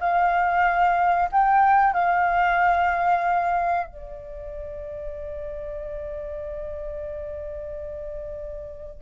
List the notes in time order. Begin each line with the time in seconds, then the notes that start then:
0.00 F5
1.32 G5
1.93 F5
3.87 D5